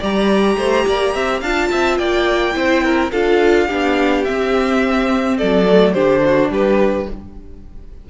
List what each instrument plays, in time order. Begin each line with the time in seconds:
0.00 cello G3, viola G4, violin D5 A#5
0.57 cello A3, violin C5
0.88 cello A#3, violin D5
1.15 cello C4, violin E5
1.41 cello D4, viola F4, violin F5 A5
1.71 cello C4, violin E5
1.98 cello A#3, violin D5 G5
2.53 cello C4, viola E4, violin C5
2.84 violin A#4
3.12 cello D4, viola F4, violin A4 F5
3.67 cello B3, viola D4, violin G4
4.25 viola C4, cello C4, violin E5
5.38 cello F#3, violin A4 D5
5.67 viola A3
5.94 cello D3, viola D4, violin G4 C5
6.26 violin F#4
6.50 cello G3, violin G4 B4